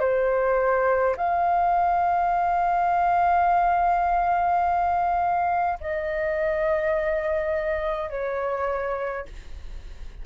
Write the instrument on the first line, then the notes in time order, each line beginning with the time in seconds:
flute
0.00 C5
1.17 F5
5.80 D#5
8.10 C#5